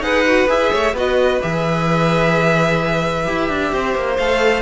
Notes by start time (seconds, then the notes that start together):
0.00 D#4 G#4 B4 F#5
0.27 F#4
0.48 E4 G#4 E5
0.72 A3 C#5
0.93 B3 F#4 B4 D#5
1.42 E3 G#4 E5
3.25 E4 G4
3.50 D4
3.73 C4 C5
3.95 A#3
4.17 A3 A4 F5